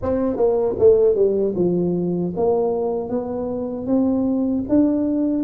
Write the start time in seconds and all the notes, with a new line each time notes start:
0.02 C4
0.36 A#3
0.78 A3
1.15 G3
1.55 F3
2.36 A#3
3.09 B3
3.86 C4
4.69 D4